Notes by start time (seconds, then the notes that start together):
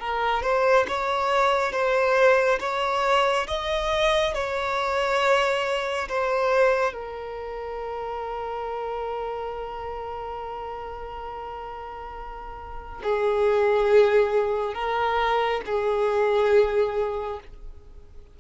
0.00 A#4
0.43 C5
0.88 C#5
1.72 C5
2.60 C#5
3.47 D#5
4.34 C#5
6.09 C5
6.93 A#4
13.03 G#4
14.74 A#4
15.66 G#4